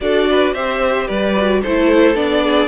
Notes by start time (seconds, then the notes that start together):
0.00 D4 F#4 A4 D5
0.30 B4
0.53 C4 G4 C5 E5
1.07 G3 B4 D5
1.37 F#4
1.62 A3 E4 A4 C5
2.15 B3 D4 D5
2.43 G#4